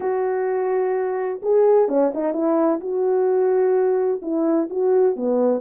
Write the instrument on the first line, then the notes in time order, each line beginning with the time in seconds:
horn
0.00 F#4
1.42 G#4
1.88 C#4
2.13 D#4
2.33 E4
2.80 F#4
4.21 E4
4.70 F#4
5.15 B3